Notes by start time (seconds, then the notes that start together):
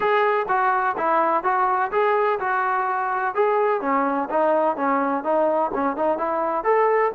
0.00 G#4
0.48 F#4
0.97 E4
1.43 F#4
1.91 G#4
2.39 F#4
3.34 G#4
3.81 C#4
4.29 D#4
4.76 C#4
5.23 D#4
5.73 C#4
5.96 D#4
6.18 E4
6.64 A4